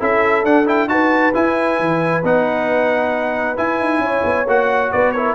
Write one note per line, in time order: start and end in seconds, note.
0.00 0.44 C#4
0.00 0.45 E4
0.00 0.90 A4
0.00 0.45 E5
0.44 0.87 D4
0.44 0.67 D4
0.44 0.68 F#5
0.67 0.88 E4
0.67 0.89 G5
0.87 1.32 D#4
0.87 1.33 F#4
0.87 4.04 B4
0.87 1.33 A5
1.34 2.23 E4
1.34 1.80 E4
1.34 2.25 G#5
1.80 2.23 E3
2.23 3.57 B3
2.23 3.57 D#4
2.23 3.58 F#5
3.57 4.47 E4
3.57 3.81 E4
3.57 4.47 G#5
3.81 3.99 D#4
3.99 4.21 C#4
3.99 4.93 C#5
4.24 4.46 B3
4.46 4.91 A#3
4.46 5.16 F#4
4.46 4.92 F#5
4.92 5.35 B3
4.92 5.14 B4
4.92 5.12 D5
5.12 5.35 E4
5.12 5.35 A#4
5.12 5.35 C#5